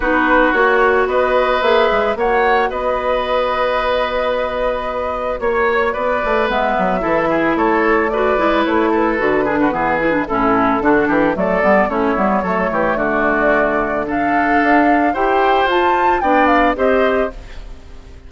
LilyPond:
<<
  \new Staff \with { instrumentName = "flute" } { \time 4/4 \tempo 4 = 111 b'4 cis''4 dis''4 e''4 | fis''4 dis''2.~ | dis''2 cis''4 d''4 | e''2 cis''4 d''4 |
cis''8 b'2~ b'8 a'4~ | a'4 d''4 cis''2 | d''2 f''2 | g''4 a''4 g''8 f''8 dis''4 | }
  \new Staff \with { instrumentName = "oboe" } { \time 4/4 fis'2 b'2 | cis''4 b'2.~ | b'2 cis''4 b'4~ | b'4 a'8 gis'8 a'4 b'4~ |
b'8 a'4 gis'16 fis'16 gis'4 e'4 | fis'8 g'8 a'4 e'4 a'8 g'8 | fis'2 a'2 | c''2 d''4 c''4 | }
  \new Staff \with { instrumentName = "clarinet" } { \time 4/4 dis'4 fis'2 gis'4 | fis'1~ | fis'1 | b4 e'2 fis'8 e'8~ |
e'4 fis'8 d'8 b8 e'16 d'16 cis'4 | d'4 a8 b8 cis'8 b8 a4~ | a2 d'2 | g'4 f'4 d'4 g'4 | }
  \new Staff \with { instrumentName = "bassoon" } { \time 4/4 b4 ais4 b4 ais8 gis8 | ais4 b2.~ | b2 ais4 b8 a8 | gis8 fis8 e4 a4. gis8 |
a4 d4 e4 a,4 | d8 e8 fis8 g8 a8 g8 fis8 e8 | d2. d'4 | e'4 f'4 b4 c'4 | }
>>